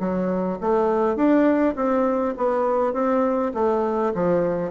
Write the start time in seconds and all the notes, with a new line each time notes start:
0.00 F#3
0.61 A3
1.16 D4
1.76 C4
2.38 B3
2.94 C4
3.55 A3
4.15 F3